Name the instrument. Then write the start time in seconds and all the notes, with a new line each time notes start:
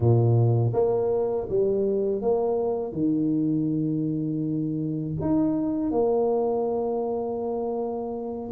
tuba
0.00 A#2
0.73 A#3
1.48 G3
2.21 A#3
2.92 D#3
5.21 D#4
5.91 A#3